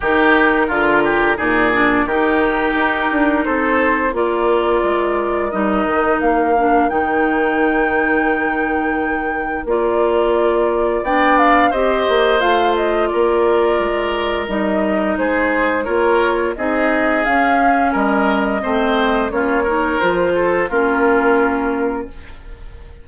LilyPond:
<<
  \new Staff \with { instrumentName = "flute" } { \time 4/4 \tempo 4 = 87 ais'2 d''4 ais'4~ | ais'4 c''4 d''2 | dis''4 f''4 g''2~ | g''2 d''2 |
g''8 f''8 dis''4 f''8 dis''8 d''4~ | d''4 dis''4 c''4 cis''4 | dis''4 f''4 dis''2 | cis''4 c''4 ais'2 | }
  \new Staff \with { instrumentName = "oboe" } { \time 4/4 g'4 f'8 g'8 gis'4 g'4~ | g'4 a'4 ais'2~ | ais'1~ | ais'1 |
d''4 c''2 ais'4~ | ais'2 gis'4 ais'4 | gis'2 ais'4 c''4 | f'8 ais'4 a'8 f'2 | }
  \new Staff \with { instrumentName = "clarinet" } { \time 4/4 dis'4 f'4 dis'8 d'8 dis'4~ | dis'2 f'2 | dis'4. d'8 dis'2~ | dis'2 f'2 |
d'4 g'4 f'2~ | f'4 dis'2 f'4 | dis'4 cis'2 c'4 | cis'8 dis'8 f'4 cis'2 | }
  \new Staff \with { instrumentName = "bassoon" } { \time 4/4 dis4 d4 ais,4 dis4 | dis'8 d'8 c'4 ais4 gis4 | g8 dis8 ais4 dis2~ | dis2 ais2 |
b4 c'8 ais8 a4 ais4 | gis4 g4 gis4 ais4 | c'4 cis'4 g4 a4 | ais4 f4 ais2 | }
>>